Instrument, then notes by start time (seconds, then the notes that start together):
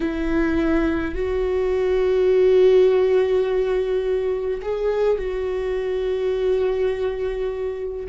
viola
0.00 E4
1.14 F#4
4.62 G#4
5.18 F#4